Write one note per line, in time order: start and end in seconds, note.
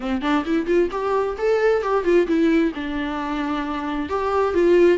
0.00 0.21 C4
0.21 0.44 D4
0.45 0.66 E4
0.66 0.89 F4
0.91 1.36 G4
1.38 1.82 A4
1.82 2.04 G4
2.04 2.26 F4
2.27 2.72 E4
2.74 4.09 D4
4.09 4.54 G4
4.54 4.98 F4